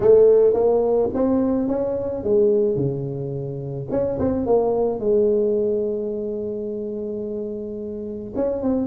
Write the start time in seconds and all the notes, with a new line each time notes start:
0.00 A3
0.53 A#3
1.14 C4
1.67 C#4
2.23 G#3
2.76 C#3
3.90 C#4
4.19 C4
4.46 A#3
4.99 G#3
8.35 C#4
8.62 C4